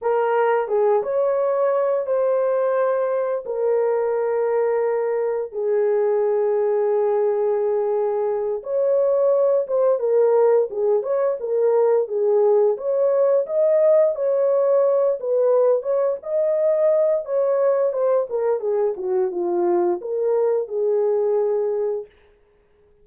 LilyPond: \new Staff \with { instrumentName = "horn" } { \time 4/4 \tempo 4 = 87 ais'4 gis'8 cis''4. c''4~ | c''4 ais'2. | gis'1~ | gis'8 cis''4. c''8 ais'4 gis'8 |
cis''8 ais'4 gis'4 cis''4 dis''8~ | dis''8 cis''4. b'4 cis''8 dis''8~ | dis''4 cis''4 c''8 ais'8 gis'8 fis'8 | f'4 ais'4 gis'2 | }